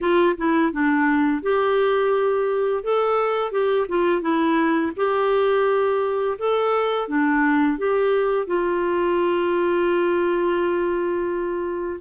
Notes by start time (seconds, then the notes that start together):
0.00 F4
0.37 E4
0.72 D4
1.42 G4
2.83 A4
3.51 G4
3.88 F4
4.21 E4
4.96 G4
6.38 A4
7.08 D4
7.78 G4
8.46 F4